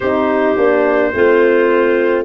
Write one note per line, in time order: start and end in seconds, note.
0.00 0.56 C4
0.00 0.57 D#4
0.00 1.11 G4
0.00 2.25 C5
0.56 1.13 A#3
0.56 1.13 D4
1.13 2.25 A3
1.13 2.25 C4
1.13 2.25 F4